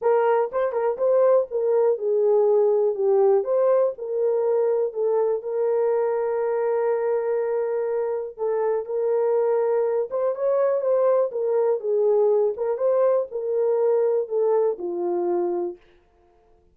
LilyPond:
\new Staff \with { instrumentName = "horn" } { \time 4/4 \tempo 4 = 122 ais'4 c''8 ais'8 c''4 ais'4 | gis'2 g'4 c''4 | ais'2 a'4 ais'4~ | ais'1~ |
ais'4 a'4 ais'2~ | ais'8 c''8 cis''4 c''4 ais'4 | gis'4. ais'8 c''4 ais'4~ | ais'4 a'4 f'2 | }